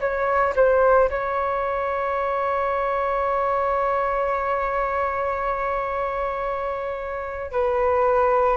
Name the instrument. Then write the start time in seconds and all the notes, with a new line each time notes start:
flute
0.00 C#5
0.56 C5
1.10 C#5
7.51 B4